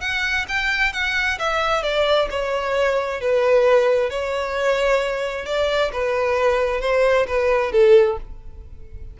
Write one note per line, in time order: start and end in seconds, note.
0.00 0.45 F#5
0.48 0.93 G5
0.93 1.38 F#5
1.38 1.82 E5
1.82 2.28 D5
2.30 3.20 C#5
3.20 4.10 B4
4.10 5.45 C#5
5.45 5.91 D5
5.92 6.80 B4
6.80 7.26 C5
7.27 7.72 B4
7.72 8.17 A4